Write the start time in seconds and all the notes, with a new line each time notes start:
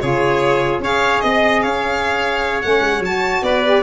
0.00 C#3 F4 G#4 C#5
0.79 C#4 G#4 C#5 F5
1.20 C4 D#5
1.61 C#4 C#5 F5
2.61 A3 C#4 F#5
2.81 G#3
2.99 F#3 F#4 A5
3.42 B3 B4 D5
3.65 G4